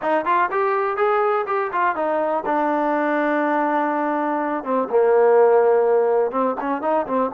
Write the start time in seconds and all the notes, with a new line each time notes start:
0.02 D#4
0.25 F4
0.51 G4
0.96 G#4
1.46 G4
1.72 F4
1.95 D#4
2.45 D4
4.64 C4
4.89 A#3
6.31 C4
6.60 C#4
6.81 D#4
7.06 C4